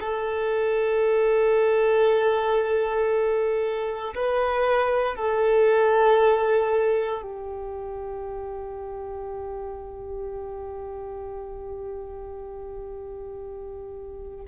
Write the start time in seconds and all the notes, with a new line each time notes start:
0.00 A4
4.15 B4
5.16 A4
7.22 G4